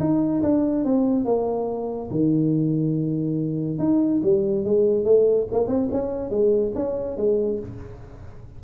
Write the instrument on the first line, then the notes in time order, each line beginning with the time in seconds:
tuba
0.00 D#4
0.43 D4
0.85 C4
1.25 A#3
2.11 D#3
3.79 D#4
4.23 G3
4.65 G#3
5.05 A3
5.52 A#3
5.68 C4
5.92 C#4
6.31 G#3
6.75 C#4
7.18 G#3